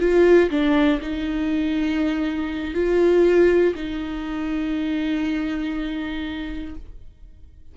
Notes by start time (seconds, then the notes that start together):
0.00 F4
0.50 D4
1.01 D#4
2.74 F4
3.75 D#4